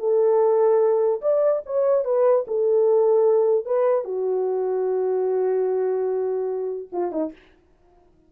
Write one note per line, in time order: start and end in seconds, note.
0.00 1.22 A4
1.22 1.63 D5
1.66 2.05 C#5
2.05 2.46 B4
2.48 3.66 A4
3.66 4.05 B4
4.05 6.89 F#4
6.93 7.12 F4
7.12 7.33 D#4